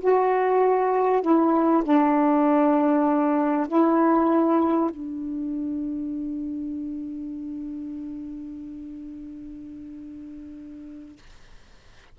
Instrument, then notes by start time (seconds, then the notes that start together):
saxophone
0.00 F#4
1.22 E4
1.83 D4
3.68 E4
4.90 D4